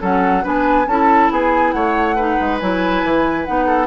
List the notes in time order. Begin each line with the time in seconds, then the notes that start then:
0.00 F#3 C#4 A4 F#5
0.43 B3 D4 B4 G#5
0.87 C#4 E4 A4 A5
1.31 B3 G#4 G#5
1.72 A3 C#5 F#5
2.16 D#4 B4
2.40 G#3
2.59 F#3 E4 G#5
3.04 E3
3.45 B3 D#4 F#5
3.66 A4